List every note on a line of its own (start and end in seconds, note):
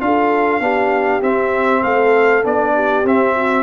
0.00 0.59 D4
0.00 0.60 F4
0.00 0.61 A4
0.00 1.22 F5
0.59 1.20 B3
0.59 1.21 D4
0.59 1.82 G4
1.22 1.82 C4
1.22 2.43 C4
1.22 1.83 E5
1.82 2.44 A3
1.82 2.72 A4
1.82 2.43 F5
2.43 3.04 B3
2.43 3.03 D4
2.43 3.06 D5
2.74 3.35 G4
3.04 3.63 C4
3.04 3.63 E5
3.35 3.63 F#4